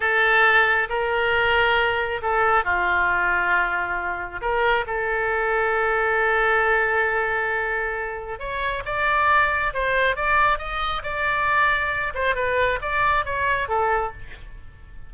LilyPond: \new Staff \with { instrumentName = "oboe" } { \time 4/4 \tempo 4 = 136 a'2 ais'2~ | ais'4 a'4 f'2~ | f'2 ais'4 a'4~ | a'1~ |
a'2. cis''4 | d''2 c''4 d''4 | dis''4 d''2~ d''8 c''8 | b'4 d''4 cis''4 a'4 | }